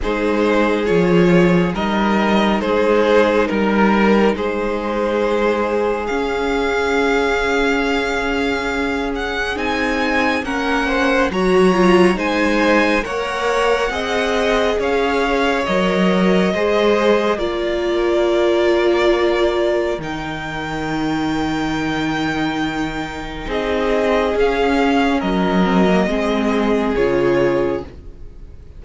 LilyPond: <<
  \new Staff \with { instrumentName = "violin" } { \time 4/4 \tempo 4 = 69 c''4 cis''4 dis''4 c''4 | ais'4 c''2 f''4~ | f''2~ f''8 fis''8 gis''4 | fis''4 ais''4 gis''4 fis''4~ |
fis''4 f''4 dis''2 | d''2. g''4~ | g''2. dis''4 | f''4 dis''2 cis''4 | }
  \new Staff \with { instrumentName = "violin" } { \time 4/4 gis'2 ais'4 gis'4 | ais'4 gis'2.~ | gis'1 | ais'8 c''8 cis''4 c''4 cis''4 |
dis''4 cis''2 c''4 | ais'1~ | ais'2. gis'4~ | gis'4 ais'4 gis'2 | }
  \new Staff \with { instrumentName = "viola" } { \time 4/4 dis'4 f'4 dis'2~ | dis'2. cis'4~ | cis'2. dis'4 | cis'4 fis'8 f'8 dis'4 ais'4 |
gis'2 ais'4 gis'4 | f'2. dis'4~ | dis'1 | cis'4. c'16 ais16 c'4 f'4 | }
  \new Staff \with { instrumentName = "cello" } { \time 4/4 gis4 f4 g4 gis4 | g4 gis2 cis'4~ | cis'2. c'4 | ais4 fis4 gis4 ais4 |
c'4 cis'4 fis4 gis4 | ais2. dis4~ | dis2. c'4 | cis'4 fis4 gis4 cis4 | }
>>